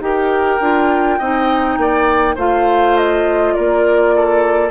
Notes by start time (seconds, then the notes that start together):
0.00 D#4 G4 A#4 G5
0.61 D4 F4
1.19 C4 D#4 D#5
1.78 A#3 D5
2.36 A3 F4 C5 F5
2.98 D#5
3.54 A#3 A#4 D5
4.16 A4